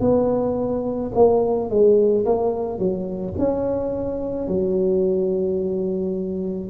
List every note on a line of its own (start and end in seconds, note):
0.00 1.11 B3
1.14 1.69 A#3
1.69 2.25 G#3
2.25 2.78 A#3
2.78 3.34 F#3
3.38 4.47 C#4
4.47 6.70 F#3